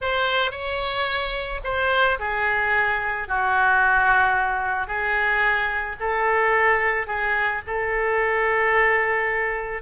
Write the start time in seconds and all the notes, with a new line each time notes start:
0.01 C5
0.51 C#5
1.64 C5
2.19 G#4
3.28 F#4
4.87 G#4
6.00 A4
7.06 G#4
7.66 A4